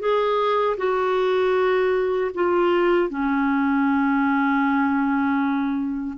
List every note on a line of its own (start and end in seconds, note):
0.00 0.77 G#4
0.78 2.31 F#4
2.35 3.10 F4
3.10 6.18 C#4